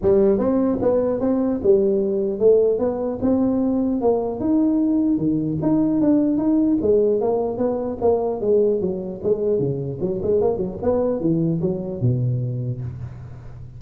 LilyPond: \new Staff \with { instrumentName = "tuba" } { \time 4/4 \tempo 4 = 150 g4 c'4 b4 c'4 | g2 a4 b4 | c'2 ais4 dis'4~ | dis'4 dis4 dis'4 d'4 |
dis'4 gis4 ais4 b4 | ais4 gis4 fis4 gis4 | cis4 fis8 gis8 ais8 fis8 b4 | e4 fis4 b,2 | }